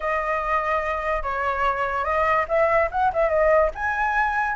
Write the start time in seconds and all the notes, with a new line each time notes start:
0.00 D#5
1.22 C#5
2.04 D#5
2.48 E5
2.91 F#5
3.13 E5
3.29 D#5
3.74 G#5